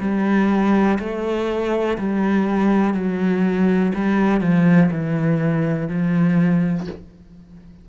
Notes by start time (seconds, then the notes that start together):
0.00 G3
0.99 A3
1.99 G3
2.94 F#3
3.95 G3
4.41 F3
4.91 E3
5.89 F3